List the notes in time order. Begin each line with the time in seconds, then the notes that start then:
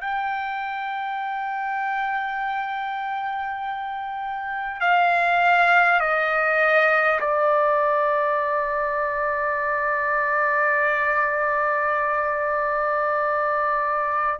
0.00 G5
4.80 F5
6.00 D#5
7.20 D5